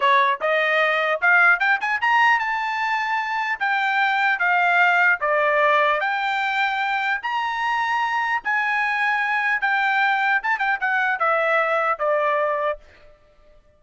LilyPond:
\new Staff \with { instrumentName = "trumpet" } { \time 4/4 \tempo 4 = 150 cis''4 dis''2 f''4 | g''8 gis''8 ais''4 a''2~ | a''4 g''2 f''4~ | f''4 d''2 g''4~ |
g''2 ais''2~ | ais''4 gis''2. | g''2 a''8 g''8 fis''4 | e''2 d''2 | }